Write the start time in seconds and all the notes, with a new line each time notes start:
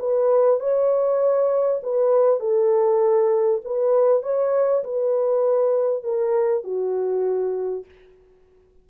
0.00 B4
0.60 C#5
1.83 B4
2.40 A4
3.65 B4
4.23 C#5
4.84 B4
6.04 A#4
6.64 F#4